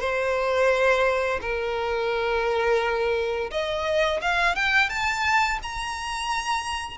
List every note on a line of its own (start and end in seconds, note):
0.00 1.40 C5
1.41 3.50 A#4
3.50 4.20 D#5
4.21 4.55 F5
4.55 4.89 G5
4.89 5.59 A5
5.63 6.97 A#5